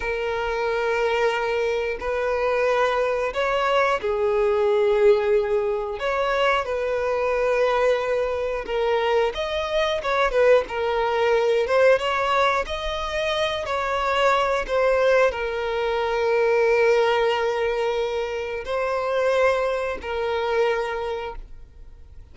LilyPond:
\new Staff \with { instrumentName = "violin" } { \time 4/4 \tempo 4 = 90 ais'2. b'4~ | b'4 cis''4 gis'2~ | gis'4 cis''4 b'2~ | b'4 ais'4 dis''4 cis''8 b'8 |
ais'4. c''8 cis''4 dis''4~ | dis''8 cis''4. c''4 ais'4~ | ais'1 | c''2 ais'2 | }